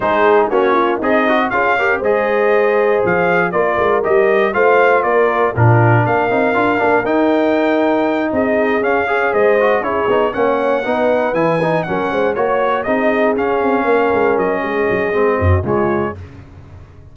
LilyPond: <<
  \new Staff \with { instrumentName = "trumpet" } { \time 4/4 \tempo 4 = 119 c''4 cis''4 dis''4 f''4 | dis''2 f''4 d''4 | dis''4 f''4 d''4 ais'4 | f''2 g''2~ |
g''8 dis''4 f''4 dis''4 cis''8~ | cis''8 fis''2 gis''4 fis''8~ | fis''8 cis''4 dis''4 f''4.~ | f''8 dis''2~ dis''8 cis''4 | }
  \new Staff \with { instrumentName = "horn" } { \time 4/4 gis'4 fis'8 f'8 dis'4 gis'8 ais'8 | c''2. ais'4~ | ais'4 c''4 ais'4 f'4 | ais'1~ |
ais'8 gis'4. cis''8 c''4 gis'8~ | gis'8 cis''4 b'2 ais'8 | c''8 cis''4 gis'2 ais'8~ | ais'4 gis'4. fis'8 f'4 | }
  \new Staff \with { instrumentName = "trombone" } { \time 4/4 dis'4 cis'4 gis'8 fis'8 f'8 g'8 | gis'2. f'4 | g'4 f'2 d'4~ | d'8 dis'8 f'8 d'8 dis'2~ |
dis'4. cis'8 gis'4 fis'8 e'8 | dis'8 cis'4 dis'4 e'8 dis'8 cis'8~ | cis'8 fis'4 dis'4 cis'4.~ | cis'2 c'4 gis4 | }
  \new Staff \with { instrumentName = "tuba" } { \time 4/4 gis4 ais4 c'4 cis'4 | gis2 f4 ais8 gis8 | g4 a4 ais4 ais,4 | ais8 c'8 d'8 ais8 dis'2~ |
dis'8 c'4 cis'4 gis4 cis'8 | b8 ais4 b4 e4 fis8 | gis8 ais4 c'4 cis'8 c'8 ais8 | gis8 fis8 gis8 fis8 gis8 fis,8 cis4 | }
>>